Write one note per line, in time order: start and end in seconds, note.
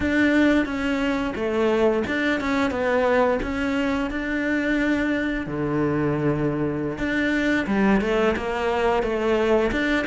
0.00 0.65 D4
0.65 1.33 C#4
1.35 2.03 A3
2.07 2.40 D4
2.40 2.71 C#4
2.71 3.39 B3
3.42 4.10 C#4
4.10 5.46 D4
5.46 6.98 D3
6.98 7.66 D4
7.66 8.01 G3
8.01 8.35 A3
8.36 9.02 A#3
9.02 9.70 A3
9.71 10.05 D4